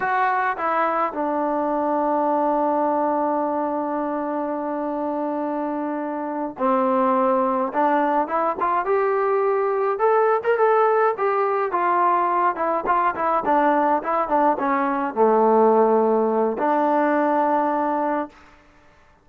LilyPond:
\new Staff \with { instrumentName = "trombone" } { \time 4/4 \tempo 4 = 105 fis'4 e'4 d'2~ | d'1~ | d'2.~ d'8 c'8~ | c'4. d'4 e'8 f'8 g'8~ |
g'4. a'8. ais'16 a'4 g'8~ | g'8 f'4. e'8 f'8 e'8 d'8~ | d'8 e'8 d'8 cis'4 a4.~ | a4 d'2. | }